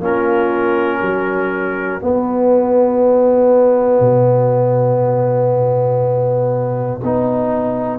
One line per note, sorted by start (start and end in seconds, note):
0.00 1.00 A#3
0.00 2.00 C#4
0.00 1.00 F4
0.00 2.03 A#4
1.00 2.01 F#3
1.00 7.99 F#4
2.00 7.00 B3
2.00 4.00 B3
2.00 7.99 D#5
4.00 7.00 B2
7.02 7.99 B3
7.02 7.99 D#4